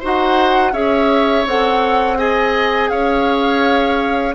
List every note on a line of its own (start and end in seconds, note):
0.00 0.73 D#4
0.00 0.72 F#4
0.00 0.72 C5
0.00 0.73 F#5
0.72 1.45 C#4
0.72 1.45 G#4
0.72 2.18 C#5
0.72 1.46 E5
1.46 2.91 C4
1.46 2.17 A4
1.46 2.18 F#5
2.17 4.34 G#4
2.17 2.90 D#5
2.17 2.90 G#5
2.90 4.35 C#4
2.90 4.35 C#5
2.90 4.34 F5